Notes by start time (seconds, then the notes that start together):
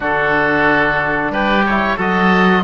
0.00 D3 D4 F#4 A4
1.30 G3 G4 B4
1.65 E4 C#5
1.96 F#3 F#4 A4 D#5